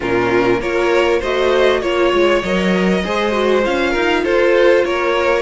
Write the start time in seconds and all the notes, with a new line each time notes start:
0.00 A#2 C#4 F4 A#4
0.60 A#3 F4 A#4 C#5
1.19 A3 F#4 C5 D#5
1.81 A#3 F4 C#5
2.12 G#3
2.42 F#3 A#4 D#5
3.04 G#3 G#4 C5
3.32 F#4
3.63 C#4 F4 F5
3.90 D#4 A#4
4.24 F4 A4 C5
4.84 A#3 A#4 C#5